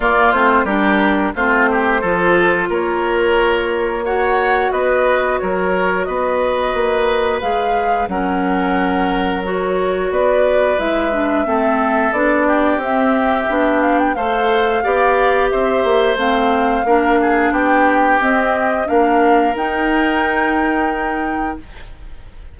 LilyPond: <<
  \new Staff \with { instrumentName = "flute" } { \time 4/4 \tempo 4 = 89 d''8 c''8 ais'4 c''2 | cis''2 fis''4 dis''4 | cis''4 dis''2 f''4 | fis''2 cis''4 d''4 |
e''2 d''4 e''4~ | e''8 f''16 g''16 f''2 e''4 | f''2 g''4 dis''4 | f''4 g''2. | }
  \new Staff \with { instrumentName = "oboe" } { \time 4/4 f'4 g'4 f'8 g'8 a'4 | ais'2 cis''4 b'4 | ais'4 b'2. | ais'2. b'4~ |
b'4 a'4. g'4.~ | g'4 c''4 d''4 c''4~ | c''4 ais'8 gis'8 g'2 | ais'1 | }
  \new Staff \with { instrumentName = "clarinet" } { \time 4/4 ais8 c'8 d'4 c'4 f'4~ | f'2 fis'2~ | fis'2. gis'4 | cis'2 fis'2 |
e'8 d'8 c'4 d'4 c'4 | d'4 a'4 g'2 | c'4 d'2 c'4 | d'4 dis'2. | }
  \new Staff \with { instrumentName = "bassoon" } { \time 4/4 ais8 a8 g4 a4 f4 | ais2. b4 | fis4 b4 ais4 gis4 | fis2. b4 |
gis4 a4 b4 c'4 | b4 a4 b4 c'8 ais8 | a4 ais4 b4 c'4 | ais4 dis'2. | }
>>